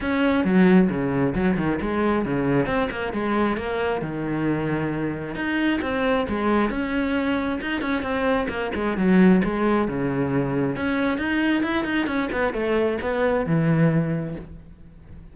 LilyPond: \new Staff \with { instrumentName = "cello" } { \time 4/4 \tempo 4 = 134 cis'4 fis4 cis4 fis8 dis8 | gis4 cis4 c'8 ais8 gis4 | ais4 dis2. | dis'4 c'4 gis4 cis'4~ |
cis'4 dis'8 cis'8 c'4 ais8 gis8 | fis4 gis4 cis2 | cis'4 dis'4 e'8 dis'8 cis'8 b8 | a4 b4 e2 | }